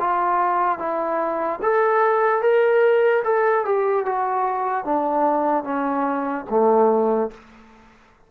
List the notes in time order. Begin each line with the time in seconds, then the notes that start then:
0.00 F4
0.79 E4
1.62 A4
2.42 A#4
3.24 A4
3.65 G4
4.05 F#4
4.85 D4
5.64 C#4
6.49 A3